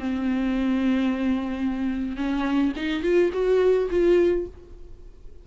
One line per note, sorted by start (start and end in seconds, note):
0.00 2.17 C4
2.17 2.73 C#4
2.77 3.03 D#4
3.03 3.31 F4
3.33 3.89 F#4
3.91 4.47 F4